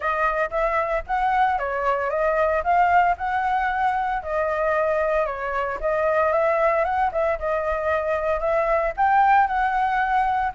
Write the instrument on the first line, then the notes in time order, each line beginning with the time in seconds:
flute
0.00 D#5
0.50 E5
1.06 F#5
1.58 C#5
2.10 D#5
2.63 F5
3.17 F#5
4.22 D#5
5.26 C#5
5.80 D#5
6.32 E5
6.84 F#5
7.11 E5
7.39 D#5
8.39 E5
8.96 G5
9.47 F#5